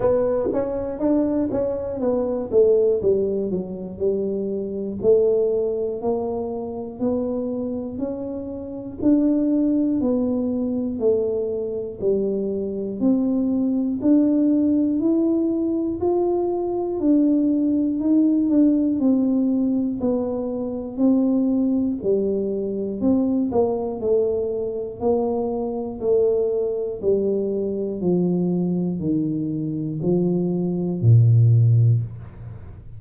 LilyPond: \new Staff \with { instrumentName = "tuba" } { \time 4/4 \tempo 4 = 60 b8 cis'8 d'8 cis'8 b8 a8 g8 fis8 | g4 a4 ais4 b4 | cis'4 d'4 b4 a4 | g4 c'4 d'4 e'4 |
f'4 d'4 dis'8 d'8 c'4 | b4 c'4 g4 c'8 ais8 | a4 ais4 a4 g4 | f4 dis4 f4 ais,4 | }